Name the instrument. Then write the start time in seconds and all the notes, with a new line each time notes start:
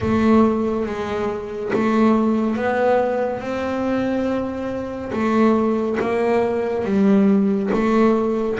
double bass
0.00 A3
0.86 G#3
1.73 A3
2.56 B3
3.40 C4
5.12 A3
6.00 A#3
6.85 G3
7.73 A3